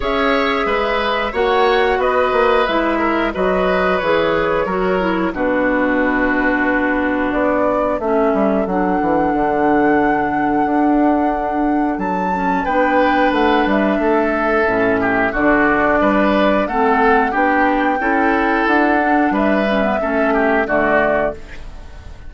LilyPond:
<<
  \new Staff \with { instrumentName = "flute" } { \time 4/4 \tempo 4 = 90 e''2 fis''4 dis''4 | e''4 dis''4 cis''2 | b'2. d''4 | e''4 fis''2.~ |
fis''2 a''4 g''4 | fis''8 e''2~ e''8 d''4~ | d''4 fis''4 g''2 | fis''4 e''2 d''4 | }
  \new Staff \with { instrumentName = "oboe" } { \time 4/4 cis''4 b'4 cis''4 b'4~ | b'8 ais'8 b'2 ais'4 | fis'1 | a'1~ |
a'2. b'4~ | b'4 a'4. g'8 fis'4 | b'4 a'4 g'4 a'4~ | a'4 b'4 a'8 g'8 fis'4 | }
  \new Staff \with { instrumentName = "clarinet" } { \time 4/4 gis'2 fis'2 | e'4 fis'4 gis'4 fis'8 e'8 | d'1 | cis'4 d'2.~ |
d'2~ d'8 cis'8 d'4~ | d'2 cis'4 d'4~ | d'4 c'4 d'4 e'4~ | e'8 d'4 cis'16 b16 cis'4 a4 | }
  \new Staff \with { instrumentName = "bassoon" } { \time 4/4 cis'4 gis4 ais4 b8 ais8 | gis4 fis4 e4 fis4 | b,2. b4 | a8 g8 fis8 e8 d2 |
d'2 fis4 b4 | a8 g8 a4 a,4 d4 | g4 a4 b4 cis'4 | d'4 g4 a4 d4 | }
>>